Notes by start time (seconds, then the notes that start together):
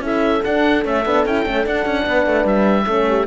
0.00 C#4 E4 A4
0.06 E5
0.44 D4 F#5
0.83 A3 C#4 E5
1.05 B3 D4
1.25 C#4 E4 G5
1.44 A3 C#4
1.64 D4 F#5
1.86 C#4
2.04 B3 B4
2.26 A3
2.45 G3 E5
2.86 A3 C#4 A4
3.08 G4